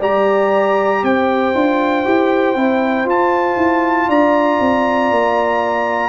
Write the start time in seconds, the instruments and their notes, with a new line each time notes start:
0.00 tuba G3, trombone G4, horn D5, trumpet A#5
1.03 tuba C4, horn C5, trumpet G5
1.55 tuba D4, trombone F4
2.05 tuba E4, trombone G4
2.56 tuba C4, trombone E4
3.05 tuba F4, trombone F4, trumpet A5
3.57 tuba E4
4.09 tuba D4, horn D5, trumpet A#5
4.60 tuba C4
5.11 tuba A#3